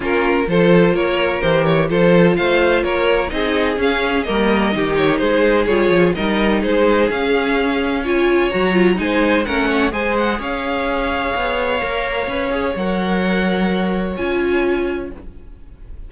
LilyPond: <<
  \new Staff \with { instrumentName = "violin" } { \time 4/4 \tempo 4 = 127 ais'4 c''4 cis''4 c''8 cis''8 | c''4 f''4 cis''4 dis''4 | f''4 dis''4. cis''8 c''4 | cis''4 dis''4 c''4 f''4~ |
f''4 gis''4 ais''4 gis''4 | fis''4 gis''8 fis''8 f''2~ | f''2. fis''4~ | fis''2 gis''2 | }
  \new Staff \with { instrumentName = "violin" } { \time 4/4 f'4 a'4 ais'2 | a'4 c''4 ais'4 gis'4~ | gis'4 ais'4 g'4 gis'4~ | gis'4 ais'4 gis'2~ |
gis'4 cis''2 c''4 | ais'8 cis''8 c''4 cis''2~ | cis''1~ | cis''1 | }
  \new Staff \with { instrumentName = "viola" } { \time 4/4 cis'4 f'2 g'4 | f'2. dis'4 | cis'4 ais4 dis'2 | f'4 dis'2 cis'4~ |
cis'4 f'4 fis'8 f'8 dis'4 | cis'4 gis'2.~ | gis'4 ais'4 b'8 gis'8 ais'4~ | ais'2 f'2 | }
  \new Staff \with { instrumentName = "cello" } { \time 4/4 ais4 f4 ais4 e4 | f4 a4 ais4 c'4 | cis'4 g4 dis4 gis4 | g8 f8 g4 gis4 cis'4~ |
cis'2 fis4 gis4 | a4 gis4 cis'2 | b4 ais4 cis'4 fis4~ | fis2 cis'2 | }
>>